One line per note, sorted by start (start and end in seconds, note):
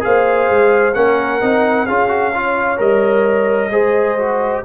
0.00 0.50 A#3
0.00 0.92 G#4
0.00 0.96 C5
0.00 0.94 F5
0.50 0.96 G#3
0.94 1.42 A#3
0.94 1.41 C#4
0.94 1.86 A#4
0.94 1.86 F#5
1.41 1.88 C4
1.41 1.87 D#4
1.86 2.79 C#4
1.86 2.08 F4
1.86 2.32 G#4
1.86 2.78 F5
2.08 2.31 F#4
2.34 2.77 F4
2.34 3.71 C#5
2.77 3.70 G3
2.77 3.69 A#4
2.77 4.64 D#5
3.70 4.63 G#3
3.70 4.18 G#4
3.70 4.64 C5
4.18 4.64 F#4